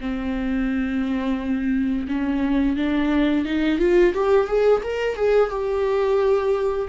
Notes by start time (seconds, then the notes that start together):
0.00 C4
2.08 C#4
2.76 D4
3.45 D#4
3.79 F4
4.14 G4
4.47 G#4
4.83 A#4
5.16 G#4
5.50 G4